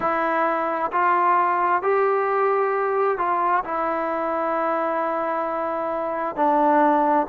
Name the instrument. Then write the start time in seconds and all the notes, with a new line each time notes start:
trombone
0.00 E4
0.91 F4
1.82 G4
3.18 F4
3.64 E4
6.36 D4